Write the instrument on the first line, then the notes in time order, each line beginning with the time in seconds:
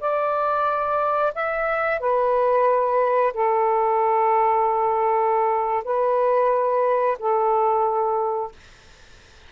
saxophone
0.00 D5
1.35 E5
2.00 B4
3.34 A4
5.85 B4
7.19 A4